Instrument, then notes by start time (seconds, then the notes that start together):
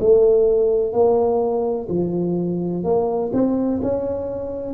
tuba
0.00 A3
0.93 A#3
1.89 F3
2.84 A#3
3.33 C4
3.82 C#4